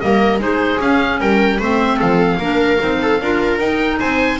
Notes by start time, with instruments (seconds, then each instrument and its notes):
0.00 double bass G3, clarinet A#3, viola A#4, oboe D#5
0.39 double bass G#3, clarinet D#4, viola G#4, oboe C5
0.81 double bass C#4, clarinet C#4, oboe F5
1.20 double bass G3, viola A#4, oboe G5
1.59 double bass A3, clarinet C4, viola C5, oboe E5
1.96 double bass F3, viola A4, oboe F5
2.37 double bass A#3, clarinet D4, viola A#4
2.78 double bass C4, clarinet D#4
3.02 viola A4
3.21 double bass D4, clarinet F4, viola A#4
3.58 double bass D#4, clarinet D#4, oboe G5
3.99 double bass C4, viola C5, oboe G#5